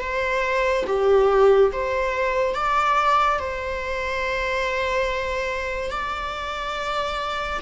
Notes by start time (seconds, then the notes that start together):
0.00 C5
0.87 G4
1.72 C5
2.55 D5
3.39 C5
5.90 D5